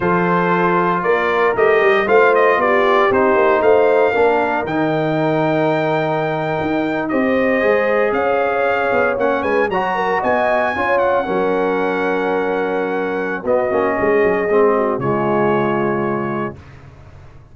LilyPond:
<<
  \new Staff \with { instrumentName = "trumpet" } { \time 4/4 \tempo 4 = 116 c''2 d''4 dis''4 | f''8 dis''8 d''4 c''4 f''4~ | f''4 g''2.~ | g''4.~ g''16 dis''2 f''16~ |
f''4.~ f''16 fis''8 gis''8 ais''4 gis''16~ | gis''4~ gis''16 fis''2~ fis''8.~ | fis''2 dis''2~ | dis''4 cis''2. | }
  \new Staff \with { instrumentName = "horn" } { \time 4/4 a'2 ais'2 | c''4 g'2 c''4 | ais'1~ | ais'4.~ ais'16 c''2 cis''16~ |
cis''2~ cis''16 b'8 cis''8 ais'8 dis''16~ | dis''8. cis''4 ais'2~ ais'16~ | ais'2 fis'4 gis'4~ | gis'8 fis'8 f'2. | }
  \new Staff \with { instrumentName = "trombone" } { \time 4/4 f'2. g'4 | f'2 dis'2 | d'4 dis'2.~ | dis'4.~ dis'16 g'4 gis'4~ gis'16~ |
gis'4.~ gis'16 cis'4 fis'4~ fis'16~ | fis'8. f'4 cis'2~ cis'16~ | cis'2 b8 cis'4. | c'4 gis2. | }
  \new Staff \with { instrumentName = "tuba" } { \time 4/4 f2 ais4 a8 g8 | a4 b4 c'8 ais8 a4 | ais4 dis2.~ | dis8. dis'4 c'4 gis4 cis'16~ |
cis'4~ cis'16 b8 ais8 gis8 fis4 b16~ | b8. cis'4 fis2~ fis16~ | fis2 b8 ais8 gis8 fis8 | gis4 cis2. | }
>>